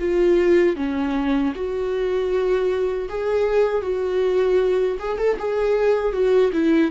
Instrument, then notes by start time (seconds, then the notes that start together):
viola
0.00 F4
0.77 C#4
1.56 F#4
3.09 G#4
3.83 F#4
5.00 G#4
5.19 A4
5.39 G#4
6.13 F#4
6.53 E4